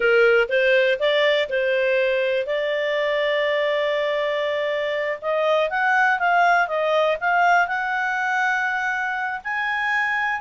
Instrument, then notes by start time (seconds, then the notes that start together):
clarinet
0.00 A#4
0.48 C5
0.99 D5
1.49 C5
2.46 D5
5.21 D#5
5.70 F#5
6.19 F5
6.67 D#5
7.20 F5
7.67 F#5
9.43 G#5